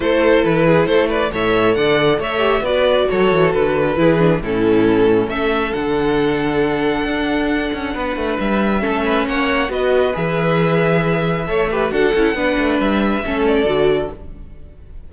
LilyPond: <<
  \new Staff \with { instrumentName = "violin" } { \time 4/4 \tempo 4 = 136 c''4 b'4 c''8 d''8 e''4 | fis''4 e''4 d''4 cis''4 | b'2 a'2 | e''4 fis''2.~ |
fis''2. e''4~ | e''4 fis''4 dis''4 e''4~ | e''2. fis''4~ | fis''4 e''4. d''4. | }
  \new Staff \with { instrumentName = "violin" } { \time 4/4 a'4. gis'8 a'8 b'8 cis''4 | d''4 cis''4 b'4 a'4~ | a'4 gis'4 e'2 | a'1~ |
a'2 b'2 | a'8 b'8 cis''4 b'2~ | b'2 cis''8 b'8 a'4 | b'2 a'2 | }
  \new Staff \with { instrumentName = "viola" } { \time 4/4 e'2. a'4~ | a'4. g'8 fis'2~ | fis'4 e'8 d'8 cis'2~ | cis'4 d'2.~ |
d'1 | cis'2 fis'4 gis'4~ | gis'2 a'8 g'8 fis'8 e'8 | d'2 cis'4 fis'4 | }
  \new Staff \with { instrumentName = "cello" } { \time 4/4 a4 e4 a4 a,4 | d4 a4 b4 fis8 e8 | d4 e4 a,2 | a4 d2. |
d'4. cis'8 b8 a8 g4 | a4 ais4 b4 e4~ | e2 a4 d'8 cis'8 | b8 a8 g4 a4 d4 | }
>>